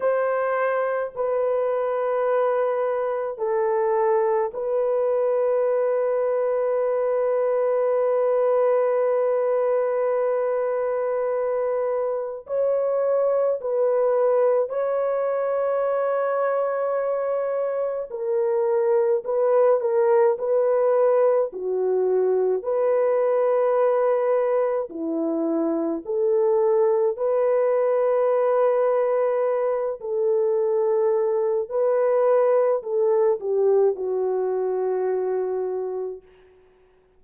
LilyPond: \new Staff \with { instrumentName = "horn" } { \time 4/4 \tempo 4 = 53 c''4 b'2 a'4 | b'1~ | b'2. cis''4 | b'4 cis''2. |
ais'4 b'8 ais'8 b'4 fis'4 | b'2 e'4 a'4 | b'2~ b'8 a'4. | b'4 a'8 g'8 fis'2 | }